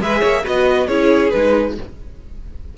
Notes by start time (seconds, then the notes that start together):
0.00 G#3 G#4 B4 E5
0.20 A#3 C#5
0.44 B3 F#4 B4 D#5
0.87 C#4 E4 G#4 C#5
1.30 G#3 D#4 B4